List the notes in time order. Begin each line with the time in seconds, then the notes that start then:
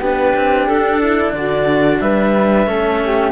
0.00 B3 D4 G4 B4
0.35 C4
0.67 D4 A4
1.01 E4
1.31 D3 F#4 D5
2.00 G3 B4 E5
2.66 A3 C#4 A4
3.05 G4